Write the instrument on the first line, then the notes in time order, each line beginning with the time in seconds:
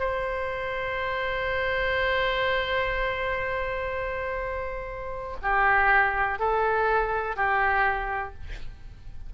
oboe
0.00 C5
5.42 G4
6.40 A4
7.37 G4